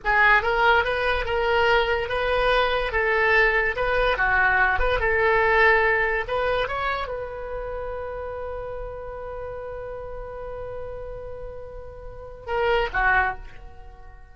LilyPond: \new Staff \with { instrumentName = "oboe" } { \time 4/4 \tempo 4 = 144 gis'4 ais'4 b'4 ais'4~ | ais'4 b'2 a'4~ | a'4 b'4 fis'4. b'8 | a'2. b'4 |
cis''4 b'2.~ | b'1~ | b'1~ | b'2 ais'4 fis'4 | }